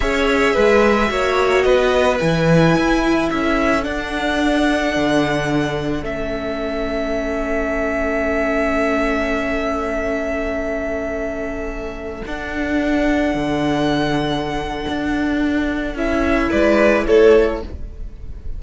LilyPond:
<<
  \new Staff \with { instrumentName = "violin" } { \time 4/4 \tempo 4 = 109 e''2. dis''4 | gis''2 e''4 fis''4~ | fis''2. e''4~ | e''1~ |
e''1~ | e''2~ e''16 fis''4.~ fis''16~ | fis''1~ | fis''4 e''4 d''4 cis''4 | }
  \new Staff \with { instrumentName = "violin" } { \time 4/4 cis''4 b'4 cis''4 b'4~ | b'2 a'2~ | a'1~ | a'1~ |
a'1~ | a'1~ | a'1~ | a'2 b'4 a'4 | }
  \new Staff \with { instrumentName = "viola" } { \time 4/4 gis'2 fis'2 | e'2. d'4~ | d'2. cis'4~ | cis'1~ |
cis'1~ | cis'2~ cis'16 d'4.~ d'16~ | d'1~ | d'4 e'2. | }
  \new Staff \with { instrumentName = "cello" } { \time 4/4 cis'4 gis4 ais4 b4 | e4 e'4 cis'4 d'4~ | d'4 d2 a4~ | a1~ |
a1~ | a2~ a16 d'4.~ d'16~ | d'16 d2~ d8. d'4~ | d'4 cis'4 gis4 a4 | }
>>